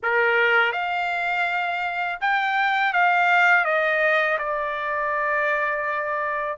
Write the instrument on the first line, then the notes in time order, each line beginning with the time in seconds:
trumpet
0.02 A#4
0.72 F5
2.21 G5
2.93 F5
3.64 D#5
4.38 D5